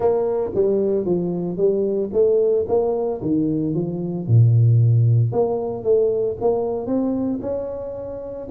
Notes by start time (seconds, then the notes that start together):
0.00 A#3
0.54 G3
1.05 F3
1.57 G3
2.12 A3
2.67 A#3
3.21 D#3
3.74 F3
4.27 A#2
5.31 A#3
5.83 A3
6.40 A#3
6.86 C4
7.41 C#4